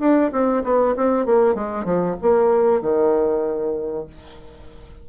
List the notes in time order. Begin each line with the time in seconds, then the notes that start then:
0.00 D4
0.32 C4
0.64 B3
0.97 C4
1.26 A#3
1.55 G#3
1.85 F3
2.22 A#3
2.82 D#3